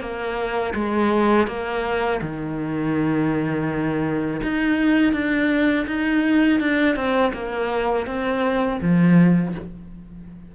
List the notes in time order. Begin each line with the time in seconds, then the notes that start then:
0.00 A#3
0.74 G#3
1.47 A#3
2.22 D#3
4.42 D#4
5.13 D4
5.87 D#4
6.60 D4
6.95 C4
7.33 A#3
8.06 C4
8.81 F3